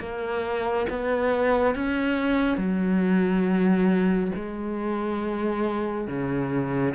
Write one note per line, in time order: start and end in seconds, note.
0.00 0.87 A#3
0.90 1.75 B3
1.75 2.58 C#4
2.58 4.32 F#3
4.36 6.08 G#3
6.08 6.94 C#3